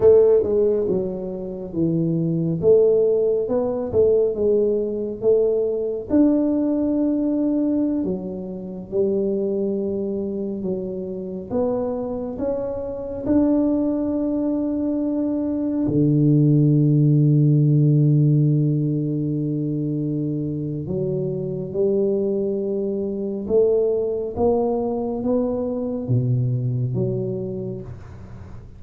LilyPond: \new Staff \with { instrumentName = "tuba" } { \time 4/4 \tempo 4 = 69 a8 gis8 fis4 e4 a4 | b8 a8 gis4 a4 d'4~ | d'4~ d'16 fis4 g4.~ g16~ | g16 fis4 b4 cis'4 d'8.~ |
d'2~ d'16 d4.~ d16~ | d1 | fis4 g2 a4 | ais4 b4 b,4 fis4 | }